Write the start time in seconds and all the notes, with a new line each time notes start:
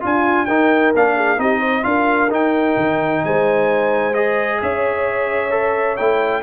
0.00 D4 F4 G#5
0.45 D#4 A#4 G5
0.94 A#3 D4 F5
1.16 G#4
1.37 C4 D#4 G4 D#5
1.59 C5
1.82 D4 F4 A#4 F5
2.30 D#4 G5
2.76 D#3
3.24 G#3 C5 G#5
4.14 G#4 D#5
4.61 C#4 C#5 E5
5.50 A4
5.96 A3 E4 G5